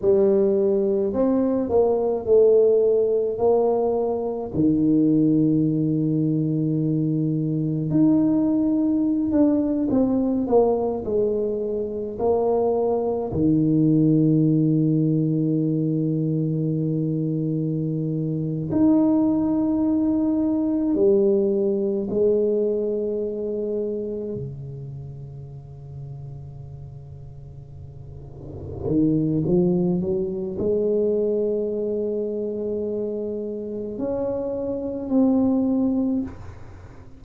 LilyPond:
\new Staff \with { instrumentName = "tuba" } { \time 4/4 \tempo 4 = 53 g4 c'8 ais8 a4 ais4 | dis2. dis'4~ | dis'16 d'8 c'8 ais8 gis4 ais4 dis16~ | dis1~ |
dis8 dis'2 g4 gis8~ | gis4. cis2~ cis8~ | cis4. dis8 f8 fis8 gis4~ | gis2 cis'4 c'4 | }